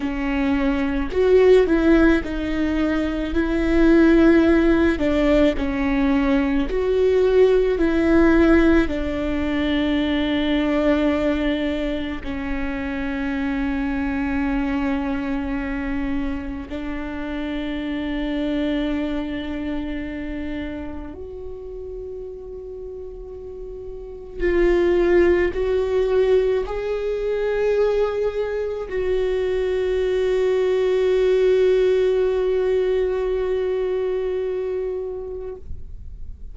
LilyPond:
\new Staff \with { instrumentName = "viola" } { \time 4/4 \tempo 4 = 54 cis'4 fis'8 e'8 dis'4 e'4~ | e'8 d'8 cis'4 fis'4 e'4 | d'2. cis'4~ | cis'2. d'4~ |
d'2. fis'4~ | fis'2 f'4 fis'4 | gis'2 fis'2~ | fis'1 | }